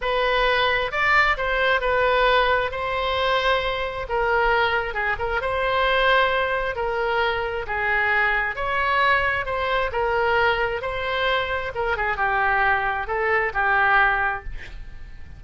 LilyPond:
\new Staff \with { instrumentName = "oboe" } { \time 4/4 \tempo 4 = 133 b'2 d''4 c''4 | b'2 c''2~ | c''4 ais'2 gis'8 ais'8 | c''2. ais'4~ |
ais'4 gis'2 cis''4~ | cis''4 c''4 ais'2 | c''2 ais'8 gis'8 g'4~ | g'4 a'4 g'2 | }